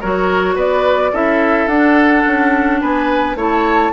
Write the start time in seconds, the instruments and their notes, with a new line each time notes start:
0.00 bassoon F#3, clarinet F#4, oboe A#4, flute C#5
0.55 bassoon B3, oboe B4, flute D5
1.12 bassoon C#4, clarinet E4, oboe A4, flute E5
1.67 bassoon D4, clarinet D4, flute F#5
2.26 bassoon C#4
2.80 bassoon B3, oboe B4, flute G#5
3.35 bassoon A3, clarinet E4, oboe C#5, flute A5